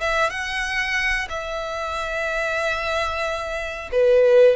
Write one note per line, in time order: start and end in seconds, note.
0.00 0.30 E5
0.30 1.27 F#5
1.29 3.90 E5
3.92 4.56 B4